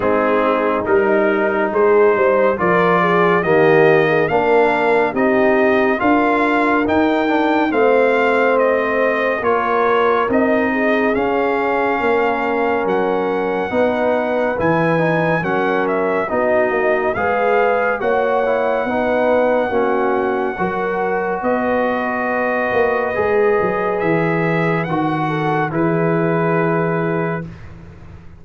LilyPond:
<<
  \new Staff \with { instrumentName = "trumpet" } { \time 4/4 \tempo 4 = 70 gis'4 ais'4 c''4 d''4 | dis''4 f''4 dis''4 f''4 | g''4 f''4 dis''4 cis''4 | dis''4 f''2 fis''4~ |
fis''4 gis''4 fis''8 e''8 dis''4 | f''4 fis''2.~ | fis''4 dis''2. | e''4 fis''4 b'2 | }
  \new Staff \with { instrumentName = "horn" } { \time 4/4 dis'2 gis'8 c''8 ais'8 gis'8 | g'8. gis'16 ais'4 g'4 ais'4~ | ais'4 c''2 ais'4~ | ais'8 gis'4. ais'2 |
b'2 ais'4 fis'4 | b'4 cis''4 b'4 fis'4 | ais'4 b'2.~ | b'4. a'8 gis'2 | }
  \new Staff \with { instrumentName = "trombone" } { \time 4/4 c'4 dis'2 f'4 | ais4 d'4 dis'4 f'4 | dis'8 d'8 c'2 f'4 | dis'4 cis'2. |
dis'4 e'8 dis'8 cis'4 dis'4 | gis'4 fis'8 e'8 dis'4 cis'4 | fis'2. gis'4~ | gis'4 fis'4 e'2 | }
  \new Staff \with { instrumentName = "tuba" } { \time 4/4 gis4 g4 gis8 g8 f4 | dis4 ais4 c'4 d'4 | dis'4 a2 ais4 | c'4 cis'4 ais4 fis4 |
b4 e4 fis4 b8 ais8 | gis4 ais4 b4 ais4 | fis4 b4. ais8 gis8 fis8 | e4 dis4 e2 | }
>>